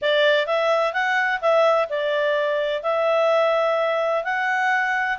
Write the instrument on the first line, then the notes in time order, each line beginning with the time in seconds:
clarinet
0.01 D5
0.46 E5
0.93 F#5
1.41 E5
1.89 D5
2.82 E5
4.23 F#5